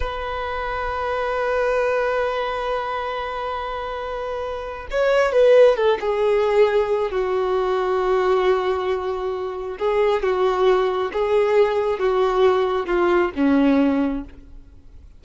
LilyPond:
\new Staff \with { instrumentName = "violin" } { \time 4/4 \tempo 4 = 135 b'1~ | b'1~ | b'2. cis''4 | b'4 a'8 gis'2~ gis'8 |
fis'1~ | fis'2 gis'4 fis'4~ | fis'4 gis'2 fis'4~ | fis'4 f'4 cis'2 | }